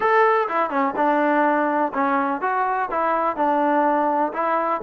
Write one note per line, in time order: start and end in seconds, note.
0.00 0.47 A4
0.48 0.70 E4
0.70 0.94 C#4
0.96 1.92 D4
1.93 2.41 C#4
2.41 2.89 F#4
2.90 3.36 E4
3.36 4.32 D4
4.33 4.81 E4